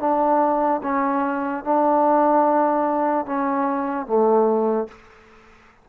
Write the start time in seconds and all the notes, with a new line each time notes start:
0.00 D4
0.83 C#4
1.64 D4
3.26 C#4
4.07 A3